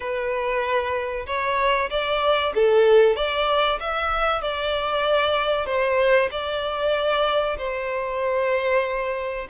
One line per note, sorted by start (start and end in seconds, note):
0.00 1.26 B4
1.26 1.89 C#5
1.89 2.53 D5
2.54 3.16 A4
3.16 3.79 D5
3.80 4.41 E5
4.41 5.66 D5
5.66 6.29 C5
6.31 7.57 D5
7.58 9.47 C5